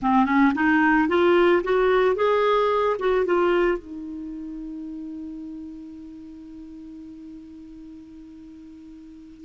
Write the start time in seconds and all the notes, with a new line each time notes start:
0.02 C4
0.25 C#4
0.54 D#4
1.08 F4
1.63 F#4
2.15 G#4
2.99 F#4
3.25 F4
3.78 D#4